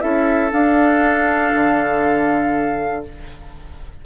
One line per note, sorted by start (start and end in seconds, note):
0.00 0.52 C#4
0.00 0.50 E4
0.00 3.05 A4
0.00 0.51 E5
0.50 3.02 D4
0.50 1.53 D4
0.50 3.04 F5
1.54 3.05 D3